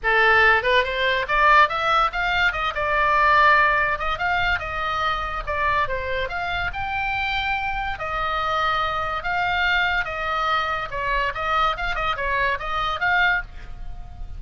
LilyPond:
\new Staff \with { instrumentName = "oboe" } { \time 4/4 \tempo 4 = 143 a'4. b'8 c''4 d''4 | e''4 f''4 dis''8 d''4.~ | d''4. dis''8 f''4 dis''4~ | dis''4 d''4 c''4 f''4 |
g''2. dis''4~ | dis''2 f''2 | dis''2 cis''4 dis''4 | f''8 dis''8 cis''4 dis''4 f''4 | }